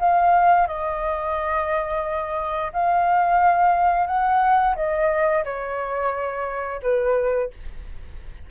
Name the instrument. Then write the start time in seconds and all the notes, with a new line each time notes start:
flute
0.00 F5
0.68 D#5
2.73 F5
4.08 F#5
4.76 D#5
5.45 C#5
6.83 B4